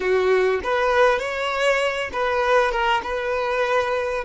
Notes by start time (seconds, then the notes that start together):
0.00 F#4
0.63 B4
1.19 C#5
2.12 B4
2.71 A#4
3.03 B4